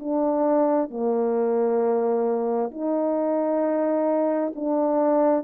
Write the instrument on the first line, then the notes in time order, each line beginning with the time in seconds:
horn
0.00 D4
0.91 A#3
2.71 D#4
4.56 D4